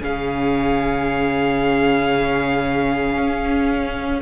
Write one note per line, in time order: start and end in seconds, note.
0.00 3.17 C#3
0.00 4.21 C#4
0.00 4.22 G#4
0.00 4.22 F5
3.17 4.22 C#4